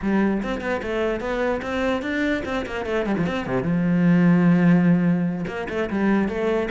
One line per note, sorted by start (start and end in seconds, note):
0.01 0.42 G3
0.42 0.60 C4
0.60 0.81 B3
0.82 1.20 A3
1.20 1.60 B3
1.61 2.02 C4
2.02 2.42 D4
2.45 2.65 C4
2.66 2.85 A#3
2.85 3.06 A3
3.06 3.16 G3
3.17 3.26 F3
3.26 3.46 C4
3.46 3.62 C3
3.62 5.45 F3
5.47 5.67 A#3
5.69 5.89 A3
5.89 6.28 G3
6.28 6.69 A3